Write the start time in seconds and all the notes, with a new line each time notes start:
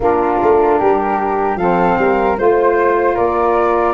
0.00 A#3 D4 F4 A#4
0.42 A3
0.79 G3 G4
1.55 F3 C4 A4 F5
1.98 G3 A#4
2.37 A3 F4 C5
3.14 A#3 A#4 D5